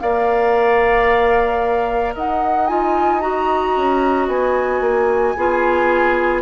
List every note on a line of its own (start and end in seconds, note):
0.00 2.16 A#3
0.00 2.68 A#4
0.00 2.15 D5
0.00 2.14 F5
2.15 3.76 D#4
2.15 5.36 D#5
2.15 2.67 F#5
2.67 3.21 F4
2.67 3.20 G#5
3.20 5.35 F#4
3.20 4.27 A#5
3.76 4.27 C#4
4.27 4.80 B3
4.27 6.42 G#5
4.80 5.34 A#3
5.36 6.42 B3
5.36 6.42 F4
5.36 6.42 G#4